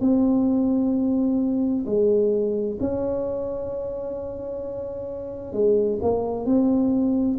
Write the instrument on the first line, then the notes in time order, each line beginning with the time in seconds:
tuba
0.00 C4
1.85 G#3
2.80 C#4
5.53 G#3
6.02 A#3
6.45 C4